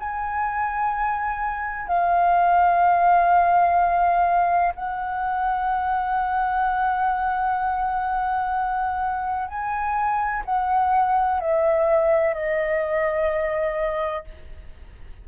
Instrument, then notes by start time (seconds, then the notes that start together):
flute
0.00 G#5
1.88 F5
4.76 F#5
9.48 G#5
10.45 F#5
11.40 E5
12.34 D#5